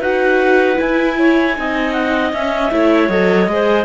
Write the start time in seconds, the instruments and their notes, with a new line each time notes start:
0.00 cello D#4, viola F#4, clarinet B4 F#5
0.75 viola E4, clarinet G#5
0.81 cello E4
1.18 clarinet C#5
1.56 cello C4, viola D#4, clarinet D#5
1.92 clarinet F#5
2.32 cello C#4, viola C#4, clarinet E5
2.71 cello A3, viola E4, clarinet C#5
3.09 cello F#3, viola A4, clarinet D#5
3.47 cello G#3, viola G#4, clarinet C5